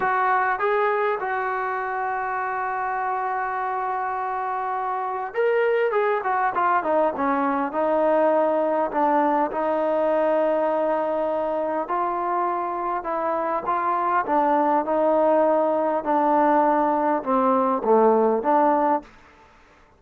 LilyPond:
\new Staff \with { instrumentName = "trombone" } { \time 4/4 \tempo 4 = 101 fis'4 gis'4 fis'2~ | fis'1~ | fis'4 ais'4 gis'8 fis'8 f'8 dis'8 | cis'4 dis'2 d'4 |
dis'1 | f'2 e'4 f'4 | d'4 dis'2 d'4~ | d'4 c'4 a4 d'4 | }